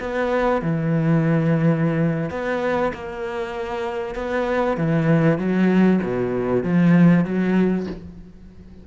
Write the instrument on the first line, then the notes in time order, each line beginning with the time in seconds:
cello
0.00 B3
0.62 E3
2.31 B3
2.94 A#3
4.15 B3
4.77 E3
5.38 F#3
6.03 B2
6.64 F3
7.25 F#3